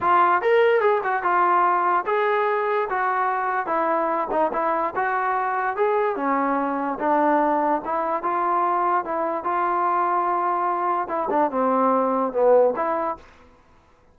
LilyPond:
\new Staff \with { instrumentName = "trombone" } { \time 4/4 \tempo 4 = 146 f'4 ais'4 gis'8 fis'8 f'4~ | f'4 gis'2 fis'4~ | fis'4 e'4. dis'8 e'4 | fis'2 gis'4 cis'4~ |
cis'4 d'2 e'4 | f'2 e'4 f'4~ | f'2. e'8 d'8 | c'2 b4 e'4 | }